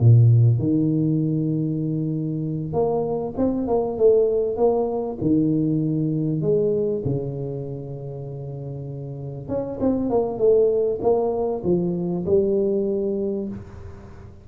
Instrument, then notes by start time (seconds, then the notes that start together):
tuba
0.00 A#2
0.59 D#3
2.73 A#3
3.37 C4
3.67 A#3
3.98 A3
4.57 A#3
5.21 D#3
6.41 G#3
7.05 C#3
9.48 C#4
9.80 C4
10.10 A#3
10.38 A3
11.01 A#3
11.64 F3
12.26 G3